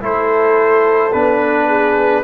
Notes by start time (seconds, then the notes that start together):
0.00 A3 E4 A4 C5
1.12 B3 D4 B4
1.67 G#4